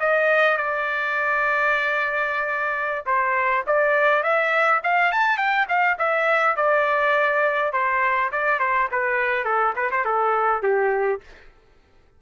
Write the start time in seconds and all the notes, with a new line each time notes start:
0.00 D#5
0.58 D5
3.06 C5
3.67 D5
4.23 E5
4.84 F5
5.12 A5
5.38 G5
5.69 F5
5.99 E5
6.57 D5
7.73 C5
8.32 D5
8.60 C5
8.92 B4
9.45 A4
9.76 B4
9.91 C5
10.05 A4
10.63 G4